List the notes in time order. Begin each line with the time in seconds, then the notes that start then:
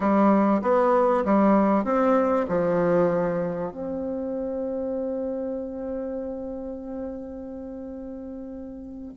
0.00 G3
0.62 B3
1.25 G3
1.84 C4
2.48 F3
3.71 C4